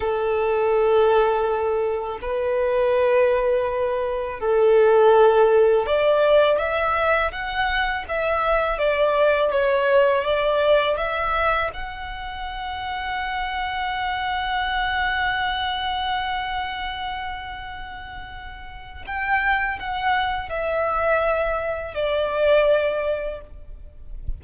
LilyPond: \new Staff \with { instrumentName = "violin" } { \time 4/4 \tempo 4 = 82 a'2. b'4~ | b'2 a'2 | d''4 e''4 fis''4 e''4 | d''4 cis''4 d''4 e''4 |
fis''1~ | fis''1~ | fis''2 g''4 fis''4 | e''2 d''2 | }